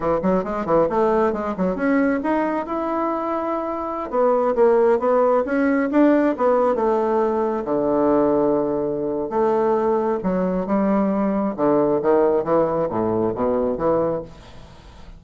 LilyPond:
\new Staff \with { instrumentName = "bassoon" } { \time 4/4 \tempo 4 = 135 e8 fis8 gis8 e8 a4 gis8 fis8 | cis'4 dis'4 e'2~ | e'4~ e'16 b4 ais4 b8.~ | b16 cis'4 d'4 b4 a8.~ |
a4~ a16 d2~ d8.~ | d4 a2 fis4 | g2 d4 dis4 | e4 a,4 b,4 e4 | }